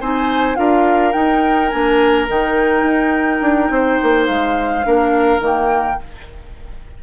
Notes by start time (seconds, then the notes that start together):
0.00 C4 D#4 C5 G#5
0.55 D4 F4 A#4 F5
1.12 D#4 G5
1.69 A#3 D4 G#5
2.28 D#3 D#4 G5
2.82 D#4
3.41 D4
3.70 C4 C5
4.02 A#3
4.26 G#3 F5
4.83 A#3 D4 A#4
5.39 D#3 A#3
5.45 G5